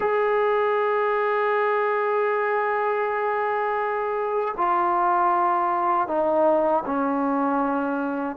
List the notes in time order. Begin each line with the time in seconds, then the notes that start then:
0.00 G#4
4.57 F4
6.07 D#4
6.85 C#4